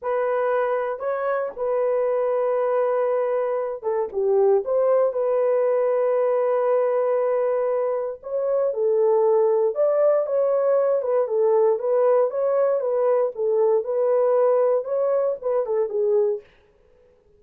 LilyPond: \new Staff \with { instrumentName = "horn" } { \time 4/4 \tempo 4 = 117 b'2 cis''4 b'4~ | b'2.~ b'8 a'8 | g'4 c''4 b'2~ | b'1 |
cis''4 a'2 d''4 | cis''4. b'8 a'4 b'4 | cis''4 b'4 a'4 b'4~ | b'4 cis''4 b'8 a'8 gis'4 | }